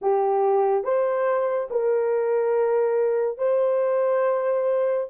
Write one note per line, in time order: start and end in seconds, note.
0.01 0.84 G4
0.84 1.68 C5
1.70 3.38 A#4
3.38 5.07 C5